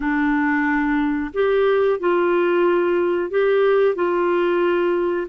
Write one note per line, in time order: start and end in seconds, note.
0.00 1.31 D4
1.33 1.99 G4
1.99 3.30 F4
3.30 3.95 G4
3.95 5.27 F4